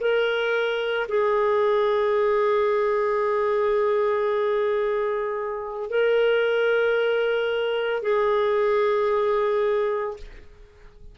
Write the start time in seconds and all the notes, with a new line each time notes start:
0.00 A#4
1.08 G#4
5.90 A#4
8.03 G#4